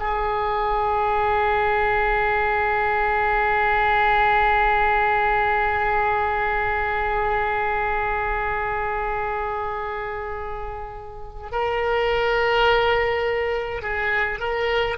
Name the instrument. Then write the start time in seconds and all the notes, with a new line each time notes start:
oboe
0.00 G#4
11.52 A#4
13.83 G#4
14.40 A#4